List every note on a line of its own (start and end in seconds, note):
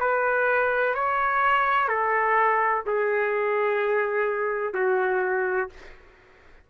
0.00 0.94 B4
0.94 1.88 C#5
1.88 2.83 A4
2.86 4.74 G#4
4.74 5.69 F#4